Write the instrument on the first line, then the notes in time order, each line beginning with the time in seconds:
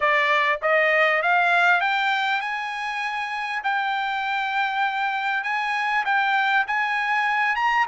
trumpet
0.00 D5
0.61 D#5
1.22 F5
1.80 G5
2.40 G#5
3.63 G5
5.43 G#5
6.05 G5
6.67 G#5
7.55 A#5